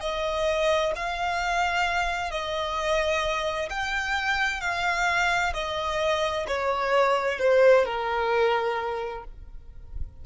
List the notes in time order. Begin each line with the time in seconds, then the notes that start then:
0.00 D#5
0.95 F5
2.30 D#5
3.69 G5
4.61 F5
5.53 D#5
6.47 C#5
7.38 C5
7.85 A#4